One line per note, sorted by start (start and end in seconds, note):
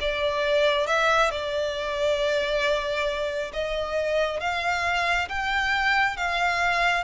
0.00 0.87 D5
0.87 1.30 E5
1.30 3.51 D5
3.53 4.40 D#5
4.40 5.28 F5
5.29 6.16 G5
6.16 7.04 F5